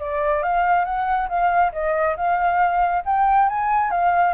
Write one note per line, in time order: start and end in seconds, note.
0.00 0.43 D5
0.43 0.85 F5
0.85 1.29 F#5
1.29 1.73 F5
1.73 2.16 D#5
2.17 3.04 F5
3.06 3.49 G5
3.49 3.91 G#5
3.91 4.34 F5